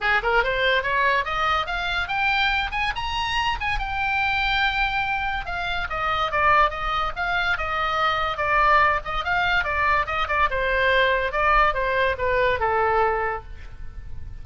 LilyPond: \new Staff \with { instrumentName = "oboe" } { \time 4/4 \tempo 4 = 143 gis'8 ais'8 c''4 cis''4 dis''4 | f''4 g''4. gis''8 ais''4~ | ais''8 gis''8 g''2.~ | g''4 f''4 dis''4 d''4 |
dis''4 f''4 dis''2 | d''4. dis''8 f''4 d''4 | dis''8 d''8 c''2 d''4 | c''4 b'4 a'2 | }